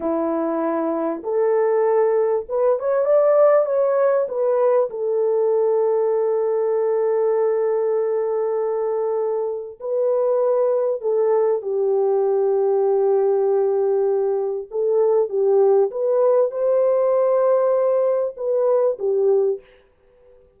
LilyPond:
\new Staff \with { instrumentName = "horn" } { \time 4/4 \tempo 4 = 98 e'2 a'2 | b'8 cis''8 d''4 cis''4 b'4 | a'1~ | a'1 |
b'2 a'4 g'4~ | g'1 | a'4 g'4 b'4 c''4~ | c''2 b'4 g'4 | }